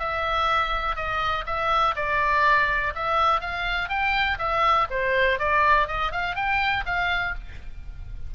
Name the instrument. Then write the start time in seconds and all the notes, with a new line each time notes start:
oboe
0.00 E5
0.96 D#5
1.47 E5
1.96 D5
2.96 E5
3.41 F5
3.90 G5
4.39 E5
4.90 C5
5.39 D5
5.88 D#5
6.12 F5
6.36 G5
6.86 F5